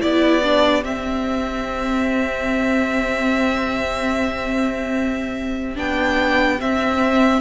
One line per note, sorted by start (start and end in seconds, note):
0.00 0.84 B3
0.00 0.42 E4
0.00 7.40 G4
0.00 0.84 D5
0.43 0.84 D4
0.84 5.77 C4
0.84 5.75 C4
0.84 5.78 E5
5.75 6.60 B3
5.75 6.58 D4
5.75 6.61 G5
6.61 7.41 C4
6.61 7.41 E5